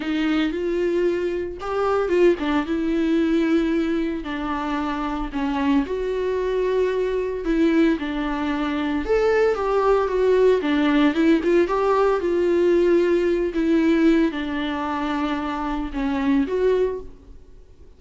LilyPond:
\new Staff \with { instrumentName = "viola" } { \time 4/4 \tempo 4 = 113 dis'4 f'2 g'4 | f'8 d'8 e'2. | d'2 cis'4 fis'4~ | fis'2 e'4 d'4~ |
d'4 a'4 g'4 fis'4 | d'4 e'8 f'8 g'4 f'4~ | f'4. e'4. d'4~ | d'2 cis'4 fis'4 | }